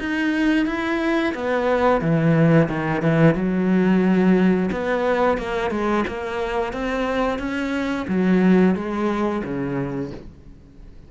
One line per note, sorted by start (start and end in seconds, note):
0.00 0.66 D#4
0.66 1.34 E4
1.35 2.01 B3
2.01 2.69 E3
2.69 3.02 D#3
3.02 3.35 E3
3.35 4.70 F#3
4.72 5.38 B3
5.38 5.71 A#3
5.71 6.05 G#3
6.08 6.73 A#3
6.73 7.39 C4
7.39 8.07 C#4
8.08 8.75 F#3
8.75 9.43 G#3
9.44 10.12 C#3